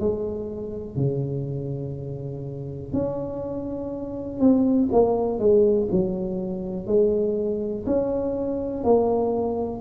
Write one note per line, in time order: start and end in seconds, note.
0.00 0.97 G#3
0.97 2.93 C#3
2.93 4.40 C#4
4.40 4.90 C4
4.92 5.40 A#3
5.40 5.89 G#3
5.92 6.87 F#3
6.87 7.86 G#3
7.87 8.84 C#4
8.84 9.82 A#3